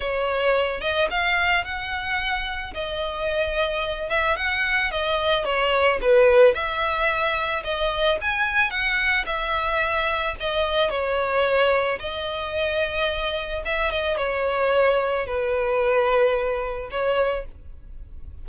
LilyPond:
\new Staff \with { instrumentName = "violin" } { \time 4/4 \tempo 4 = 110 cis''4. dis''8 f''4 fis''4~ | fis''4 dis''2~ dis''8 e''8 | fis''4 dis''4 cis''4 b'4 | e''2 dis''4 gis''4 |
fis''4 e''2 dis''4 | cis''2 dis''2~ | dis''4 e''8 dis''8 cis''2 | b'2. cis''4 | }